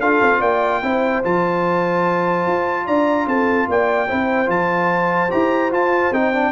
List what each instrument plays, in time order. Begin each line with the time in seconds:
0.00 tuba D4, trombone F4, horn A4, trumpet F5
0.22 tuba C4
0.40 tuba A#3, horn D5, trumpet G5
0.83 tuba C4, trombone E4, horn C5
1.24 tuba F3, trombone F4, trumpet A5
2.47 tuba F4
2.85 tuba D4, horn D5, trumpet A#5
3.27 tuba C4, horn A4, trumpet A5
3.69 tuba A#3, horn D5, trumpet G5
4.08 tuba C4, trombone E4, horn C5
4.46 tuba F3, trombone F4, trumpet A5
5.31 tuba E4, trombone G4, trumpet A#5
5.72 trombone F4, tuba F4, trumpet A5
6.12 tuba C4, trombone D#4, trumpet G5
6.34 trombone D4